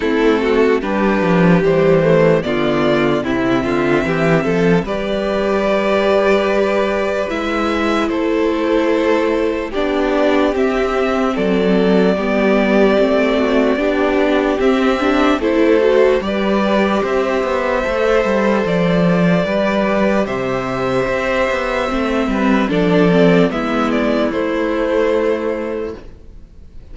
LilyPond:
<<
  \new Staff \with { instrumentName = "violin" } { \time 4/4 \tempo 4 = 74 a'4 b'4 c''4 d''4 | e''2 d''2~ | d''4 e''4 c''2 | d''4 e''4 d''2~ |
d''2 e''4 c''4 | d''4 e''2 d''4~ | d''4 e''2. | d''4 e''8 d''8 c''2 | }
  \new Staff \with { instrumentName = "violin" } { \time 4/4 e'8 fis'8 g'2 f'4 | e'8 f'8 g'8 a'8 b'2~ | b'2 a'2 | g'2 a'4 g'4~ |
g'8 fis'8 g'2 a'4 | b'4 c''2. | b'4 c''2~ c''8 b'8 | a'4 e'2. | }
  \new Staff \with { instrumentName = "viola" } { \time 4/4 c'4 d'4 g8 a8 b4 | c'2 g'2~ | g'4 e'2. | d'4 c'2 b4 |
c'4 d'4 c'8 d'8 e'8 fis'8 | g'2 a'2 | g'2. c'4 | d'8 c'8 b4 a2 | }
  \new Staff \with { instrumentName = "cello" } { \time 4/4 a4 g8 f8 e4 d4 | c8 d8 e8 f8 g2~ | g4 gis4 a2 | b4 c'4 fis4 g4 |
a4 b4 c'4 a4 | g4 c'8 b8 a8 g8 f4 | g4 c4 c'8 b8 a8 g8 | f4 gis4 a2 | }
>>